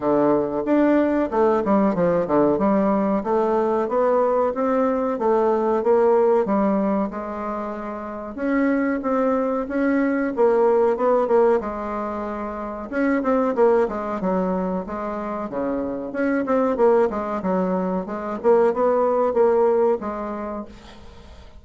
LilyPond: \new Staff \with { instrumentName = "bassoon" } { \time 4/4 \tempo 4 = 93 d4 d'4 a8 g8 f8 d8 | g4 a4 b4 c'4 | a4 ais4 g4 gis4~ | gis4 cis'4 c'4 cis'4 |
ais4 b8 ais8 gis2 | cis'8 c'8 ais8 gis8 fis4 gis4 | cis4 cis'8 c'8 ais8 gis8 fis4 | gis8 ais8 b4 ais4 gis4 | }